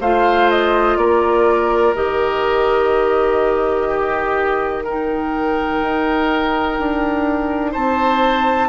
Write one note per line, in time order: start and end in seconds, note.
0.00 0.96 A3
0.00 1.94 F4
0.00 0.97 C5
0.00 0.49 F5
0.50 0.97 D#5
0.96 1.93 A#3
0.96 3.87 A#4
0.96 1.94 D5
1.94 5.81 D#3
1.94 4.84 G4
1.94 4.83 D#5
3.87 4.83 G4
4.83 8.68 D#4
4.83 7.71 A#4
4.83 7.73 G5
5.81 6.78 D#4
6.78 7.75 D4
7.71 8.68 C4
7.71 8.68 C5
7.71 8.68 A5